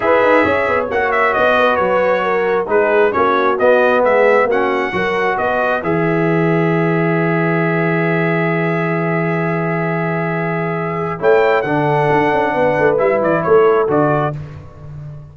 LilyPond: <<
  \new Staff \with { instrumentName = "trumpet" } { \time 4/4 \tempo 4 = 134 e''2 fis''8 e''8 dis''4 | cis''2 b'4 cis''4 | dis''4 e''4 fis''2 | dis''4 e''2.~ |
e''1~ | e''1~ | e''4 g''4 fis''2~ | fis''4 e''8 d''8 cis''4 d''4 | }
  \new Staff \with { instrumentName = "horn" } { \time 4/4 b'4 cis''2~ cis''8 b'8~ | b'4 ais'4 gis'4 fis'4~ | fis'4 gis'4 fis'4 ais'4 | b'1~ |
b'1~ | b'1~ | b'4 cis''4 a'2 | b'2 a'2 | }
  \new Staff \with { instrumentName = "trombone" } { \time 4/4 gis'2 fis'2~ | fis'2 dis'4 cis'4 | b2 cis'4 fis'4~ | fis'4 gis'2.~ |
gis'1~ | gis'1~ | gis'4 e'4 d'2~ | d'4 e'2 fis'4 | }
  \new Staff \with { instrumentName = "tuba" } { \time 4/4 e'8 dis'8 cis'8 b8 ais4 b4 | fis2 gis4 ais4 | b4 gis4 ais4 fis4 | b4 e2.~ |
e1~ | e1~ | e4 a4 d4 d'8 cis'8 | b8 a8 g8 e8 a4 d4 | }
>>